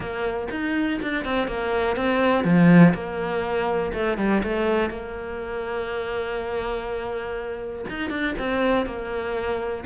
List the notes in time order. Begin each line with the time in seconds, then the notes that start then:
0.00 A#3
0.50 D#4
1.01 D4
1.25 C4
1.47 A#3
1.96 C4
2.44 F3
2.94 A#3
3.93 A3
4.17 G3
4.43 A3
4.90 A#3
7.89 D#4
8.09 D4
8.39 C4
8.85 A#3